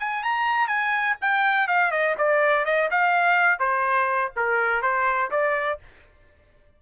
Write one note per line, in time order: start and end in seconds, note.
0.00 0.24 G#5
0.24 0.68 A#5
0.68 1.17 G#5
1.22 1.68 G5
1.68 1.92 F5
1.92 2.16 D#5
2.19 2.66 D5
2.66 2.90 D#5
2.91 3.60 F5
3.60 4.32 C5
4.36 4.83 A#4
4.83 5.31 C5
5.31 5.80 D5